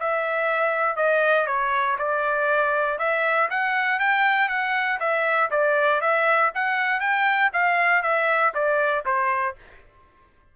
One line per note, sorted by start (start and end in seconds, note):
0.00 0.96 E5
0.96 1.47 D#5
1.47 1.97 C#5
1.98 2.99 D5
2.99 3.49 E5
3.50 4.00 F#5
4.00 4.49 G5
4.49 4.99 F#5
5.00 5.50 E5
5.51 6.01 D5
6.01 6.52 E5
6.55 7.00 F#5
7.00 7.51 G5
7.53 8.03 F5
8.03 8.53 E5
8.54 9.05 D5
9.06 9.56 C5